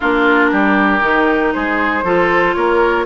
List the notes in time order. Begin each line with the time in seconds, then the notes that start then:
0.00 A#3 D4 F4 A#4
0.51 G3 G4
1.00 D#3 D#4
1.53 G#3 G#4 C5
2.03 F3 F4 A4
2.54 A#3 A#4 C#5